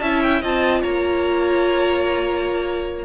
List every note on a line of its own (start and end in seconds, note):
0.00 0.42 C#4
0.00 0.43 E4
0.00 0.42 E5
0.00 0.20 A5
0.23 0.43 G5
0.42 0.83 C4
0.42 3.05 F4
0.42 0.81 D#5
0.42 0.83 A5
0.81 3.05 A#3
0.81 3.04 C#5
0.81 3.05 A#5